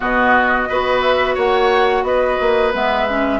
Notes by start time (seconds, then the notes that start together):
0.00 B2 B3 F#4 D#5
0.68 B3 F#4 B4
1.01 E5
1.35 A#3 C#5 F#5
2.03 B3 B4 D#5
2.40 A#3
2.73 G#3 B3 E5
3.08 C#4